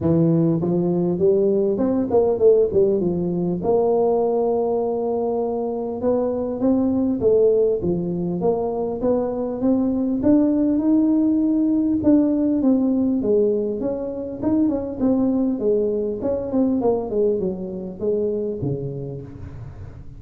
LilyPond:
\new Staff \with { instrumentName = "tuba" } { \time 4/4 \tempo 4 = 100 e4 f4 g4 c'8 ais8 | a8 g8 f4 ais2~ | ais2 b4 c'4 | a4 f4 ais4 b4 |
c'4 d'4 dis'2 | d'4 c'4 gis4 cis'4 | dis'8 cis'8 c'4 gis4 cis'8 c'8 | ais8 gis8 fis4 gis4 cis4 | }